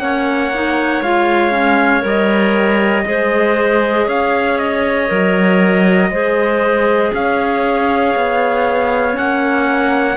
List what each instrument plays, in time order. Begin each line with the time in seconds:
0.00 cello A#3, clarinet C#4 C#5, trumpet F#5
0.54 clarinet D#4
1.01 cello G#3, clarinet F4, trumpet F5
1.52 clarinet C#4
2.02 cello G3, clarinet A#4, trumpet D#5
3.05 cello G#3, clarinet G#4 C5
4.06 cello C#4, clarinet C#5, trumpet F5
4.58 trumpet D#5
5.08 cello F#3, clarinet A#4
6.11 cello G#3, clarinet G#4 C5
7.14 cello C#4, clarinet C#5, trumpet F5
8.16 cello B3
9.13 cello A#3, clarinet C#4, trumpet F#5